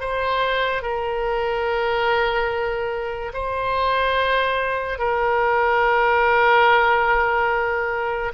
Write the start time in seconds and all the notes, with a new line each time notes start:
0.00 C5
0.82 A#4
3.33 C5
4.98 A#4